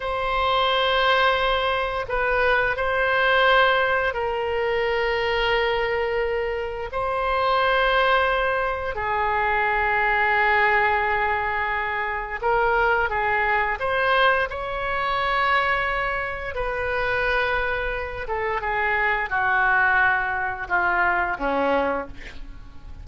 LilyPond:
\new Staff \with { instrumentName = "oboe" } { \time 4/4 \tempo 4 = 87 c''2. b'4 | c''2 ais'2~ | ais'2 c''2~ | c''4 gis'2.~ |
gis'2 ais'4 gis'4 | c''4 cis''2. | b'2~ b'8 a'8 gis'4 | fis'2 f'4 cis'4 | }